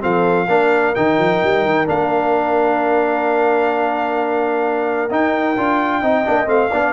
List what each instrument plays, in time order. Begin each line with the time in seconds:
0.00 tuba F3, trombone C4, horn A4, trumpet F5
0.48 tuba A#3, trombone D4, horn A#4
0.95 tuba D#3, trombone D#4, trumpet G5
1.18 tuba F3
1.43 tuba G3
1.65 tuba D#3
1.86 tuba A#3, trombone D4, trumpet F5
5.10 trombone D#4, tuba D#4, trumpet G5
5.57 tuba D4, trombone F4
6.01 tuba C4, trombone D#4, horn D#5
6.25 tuba A#3, trombone D4
6.46 tuba A3, trombone C4, trumpet F5
6.71 tuba B3, trombone D4, horn D5